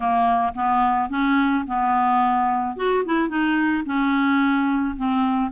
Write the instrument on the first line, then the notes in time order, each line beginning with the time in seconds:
clarinet
0.00 A#3
0.54 B3
1.09 C#4
1.67 B3
2.76 F#4
3.05 E4
3.28 D#4
3.85 C#4
4.96 C4